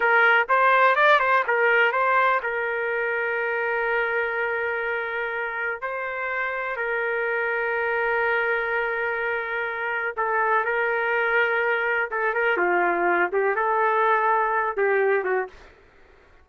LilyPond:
\new Staff \with { instrumentName = "trumpet" } { \time 4/4 \tempo 4 = 124 ais'4 c''4 d''8 c''8 ais'4 | c''4 ais'2.~ | ais'1 | c''2 ais'2~ |
ais'1~ | ais'4 a'4 ais'2~ | ais'4 a'8 ais'8 f'4. g'8 | a'2~ a'8 g'4 fis'8 | }